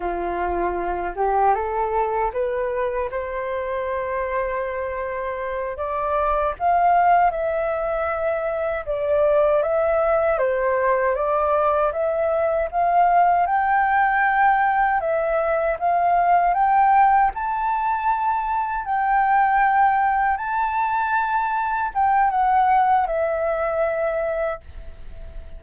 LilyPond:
\new Staff \with { instrumentName = "flute" } { \time 4/4 \tempo 4 = 78 f'4. g'8 a'4 b'4 | c''2.~ c''8 d''8~ | d''8 f''4 e''2 d''8~ | d''8 e''4 c''4 d''4 e''8~ |
e''8 f''4 g''2 e''8~ | e''8 f''4 g''4 a''4.~ | a''8 g''2 a''4.~ | a''8 g''8 fis''4 e''2 | }